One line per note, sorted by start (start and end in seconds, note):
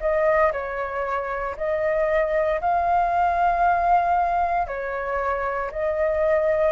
0.00 0.52 D#5
0.52 1.56 C#5
1.57 2.60 D#5
2.61 4.67 F5
4.67 5.70 C#5
5.71 6.72 D#5